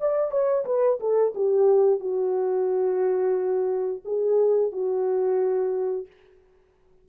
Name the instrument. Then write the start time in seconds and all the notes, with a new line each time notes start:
horn
0.00 D5
0.31 C#5
0.65 B4
1.00 A4
1.35 G4
1.99 F#4
4.05 G#4
4.72 F#4